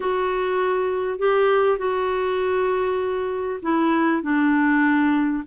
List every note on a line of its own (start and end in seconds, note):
0.00 1.18 F#4
1.18 1.78 G4
1.78 3.60 F#4
3.62 4.22 E4
4.22 5.43 D4